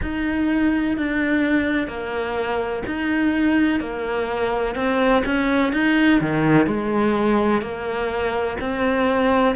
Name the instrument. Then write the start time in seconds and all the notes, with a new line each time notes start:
cello
0.02 D#4
0.97 D4
1.87 A#3
2.86 D#4
3.80 A#3
4.74 C4
5.25 C#4
5.72 D#4
6.20 D#3
6.66 G#3
7.61 A#3
8.60 C4